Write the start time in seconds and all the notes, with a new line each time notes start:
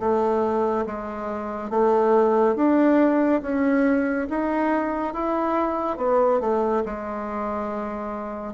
0.00 A3
0.86 G#3
1.70 A3
2.56 D4
3.42 C#4
4.30 D#4
5.14 E4
5.98 B3
6.41 A3
6.85 G#3